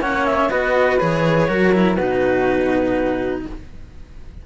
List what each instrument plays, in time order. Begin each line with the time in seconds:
0.00 cello A#3 C#4, flute C#5, clarinet F#5
0.26 clarinet E5
0.50 cello B3 F#4, flute B4, clarinet D#5
1.00 cello E3 G#4, clarinet C#5
1.48 cello F#3 F#4, flute A#4
1.73 cello E4
1.96 cello B2 D#4, flute F#4, clarinet B4